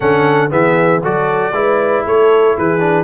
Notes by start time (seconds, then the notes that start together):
0.00 D3 C#4 A4 F#5
0.50 E3 B3 G#4 E5
1.01 F#3 F#4 A4 D5
1.52 G#3 E4 B4
2.06 A3 A4 C#5
2.57 E3 G#4 B4
2.79 D4